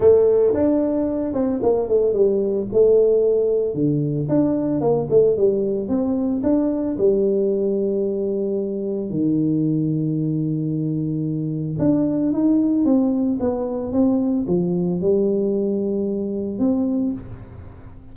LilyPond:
\new Staff \with { instrumentName = "tuba" } { \time 4/4 \tempo 4 = 112 a4 d'4. c'8 ais8 a8 | g4 a2 d4 | d'4 ais8 a8 g4 c'4 | d'4 g2.~ |
g4 dis2.~ | dis2 d'4 dis'4 | c'4 b4 c'4 f4 | g2. c'4 | }